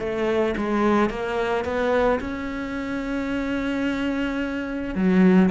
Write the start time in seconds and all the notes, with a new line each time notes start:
0.00 A3
0.57 G#3
1.10 A#3
1.65 B3
2.21 C#4
4.95 F#3